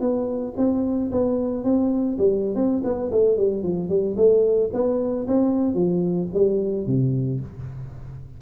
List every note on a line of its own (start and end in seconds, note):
0.00 0.54 B3
0.57 1.10 C4
1.11 1.64 B3
1.64 2.17 C4
2.18 2.55 G3
2.55 2.82 C4
2.84 3.11 B3
3.11 3.37 A3
3.37 3.63 G3
3.63 3.89 F3
3.89 4.16 G3
4.16 4.70 A3
4.73 5.27 B3
5.27 5.74 C4
5.74 6.28 F3
6.33 6.86 G3
6.86 7.40 C3